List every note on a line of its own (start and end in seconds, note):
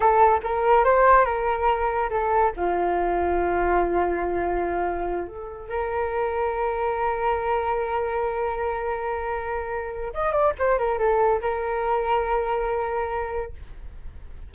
0.00 0.40 A4
0.43 0.84 A#4
0.84 1.25 C5
1.25 2.09 A#4
2.10 2.52 A4
2.56 5.27 F4
5.27 5.69 A4
5.69 10.13 A#4
10.13 10.31 D#5
10.31 10.52 D5
10.58 10.78 C5
10.78 10.98 A#4
10.98 11.40 A4
11.41 13.52 A#4